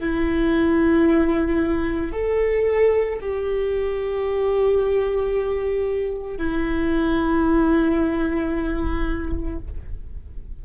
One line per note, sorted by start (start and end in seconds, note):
0.00 2.12 E4
2.12 3.19 A4
3.21 6.37 G4
6.37 9.58 E4